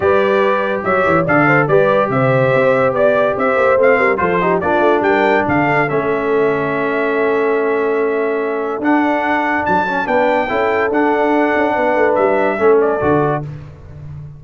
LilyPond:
<<
  \new Staff \with { instrumentName = "trumpet" } { \time 4/4 \tempo 4 = 143 d''2 e''4 f''4 | d''4 e''2 d''4 | e''4 f''4 c''4 d''4 | g''4 f''4 e''2~ |
e''1~ | e''4 fis''2 a''4 | g''2 fis''2~ | fis''4 e''4. d''4. | }
  \new Staff \with { instrumentName = "horn" } { \time 4/4 b'2 cis''4 d''8 c''8 | b'4 c''2 d''4 | c''4. ais'8 a'8 g'8 f'4 | ais'4 a'2.~ |
a'1~ | a'1 | b'4 a'2. | b'2 a'2 | }
  \new Staff \with { instrumentName = "trombone" } { \time 4/4 g'2. a'4 | g'1~ | g'4 c'4 f'8 dis'8 d'4~ | d'2 cis'2~ |
cis'1~ | cis'4 d'2~ d'8 cis'8 | d'4 e'4 d'2~ | d'2 cis'4 fis'4 | }
  \new Staff \with { instrumentName = "tuba" } { \time 4/4 g2 fis8 e8 d4 | g4 c4 c'4 b4 | c'8 ais8 a8 g8 f4 ais8 a8 | g4 d4 a2~ |
a1~ | a4 d'2 fis4 | b4 cis'4 d'4. cis'8 | b8 a8 g4 a4 d4 | }
>>